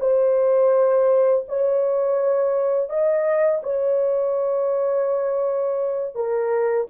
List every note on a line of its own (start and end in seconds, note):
0.00 1.45 C5
1.48 2.89 C#5
2.89 3.62 D#5
3.63 6.15 C#5
6.15 6.87 A#4